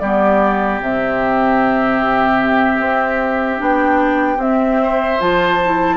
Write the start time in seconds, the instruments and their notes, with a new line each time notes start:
0.00 bassoon G3, clarinet B3, oboe G4, flute D5
0.81 bassoon C3, clarinet C4, flute E5
2.79 bassoon C4
3.58 bassoon B3, clarinet D4, flute G5
4.37 bassoon C4, clarinet C4, flute E5
4.83 oboe C5
5.20 bassoon F3, clarinet F4, flute A5
5.66 clarinet E4